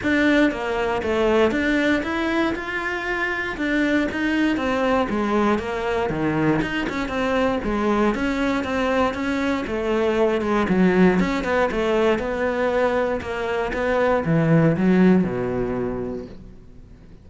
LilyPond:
\new Staff \with { instrumentName = "cello" } { \time 4/4 \tempo 4 = 118 d'4 ais4 a4 d'4 | e'4 f'2 d'4 | dis'4 c'4 gis4 ais4 | dis4 dis'8 cis'8 c'4 gis4 |
cis'4 c'4 cis'4 a4~ | a8 gis8 fis4 cis'8 b8 a4 | b2 ais4 b4 | e4 fis4 b,2 | }